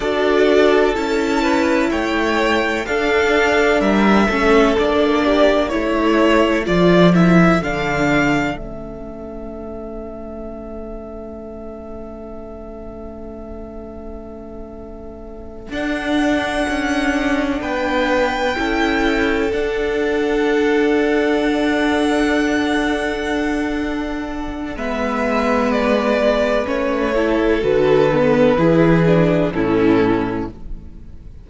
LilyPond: <<
  \new Staff \with { instrumentName = "violin" } { \time 4/4 \tempo 4 = 63 d''4 a''4 g''4 f''4 | e''4 d''4 cis''4 d''8 e''8 | f''4 e''2.~ | e''1~ |
e''8 fis''2 g''4.~ | g''8 fis''2.~ fis''8~ | fis''2 e''4 d''4 | cis''4 b'2 a'4 | }
  \new Staff \with { instrumentName = "violin" } { \time 4/4 a'4. b'8 cis''4 a'4 | ais'8 a'4 g'8 a'2~ | a'1~ | a'1~ |
a'2~ a'8 b'4 a'8~ | a'1~ | a'2 b'2~ | b'8 a'4. gis'4 e'4 | }
  \new Staff \with { instrumentName = "viola" } { \time 4/4 fis'4 e'2 d'4~ | d'8 cis'8 d'4 e'4 f'8 e'8 | d'4 cis'2.~ | cis'1~ |
cis'8 d'2. e'8~ | e'8 d'2.~ d'8~ | d'2 b2 | cis'8 e'8 fis'8 b8 e'8 d'8 cis'4 | }
  \new Staff \with { instrumentName = "cello" } { \time 4/4 d'4 cis'4 a4 d'4 | g8 a8 ais4 a4 f4 | d4 a2.~ | a1~ |
a8 d'4 cis'4 b4 cis'8~ | cis'8 d'2.~ d'8~ | d'2 gis2 | a4 d4 e4 a,4 | }
>>